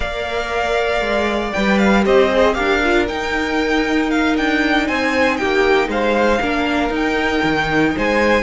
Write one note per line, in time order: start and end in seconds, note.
0.00 1.01 A#3
0.00 1.52 A#4
0.00 2.03 D5
0.00 1.52 F5
1.01 1.52 G#3
1.52 2.05 G3
1.52 2.02 B4
1.52 1.78 G5
1.78 2.04 F5
2.02 2.57 C4
2.02 2.27 G4
2.02 2.55 C5
2.02 2.54 D#5
2.31 2.54 G#4
2.54 3.09 D4
2.54 2.80 G4
2.54 4.87 A#4
2.54 3.05 F5
2.83 3.07 F4
3.07 6.40 D#4
3.07 4.37 D#4
3.07 4.10 G5
4.10 4.35 F5
4.37 4.88 D4
4.37 4.87 G5
4.87 5.40 C4
4.87 5.38 C5
4.87 5.36 G#5
5.36 5.87 A#3
5.36 5.89 G4
5.36 5.88 G5
5.87 6.39 G#3
5.87 6.41 C5
5.87 6.93 F5
6.41 6.89 A#3
6.41 6.90 D4
6.41 7.95 A#4
6.89 7.40 D#4
6.89 8.42 D#4
6.95 7.98 G5
7.43 7.94 D#3
7.95 8.42 G#3
7.95 8.42 C5
7.95 8.42 G#5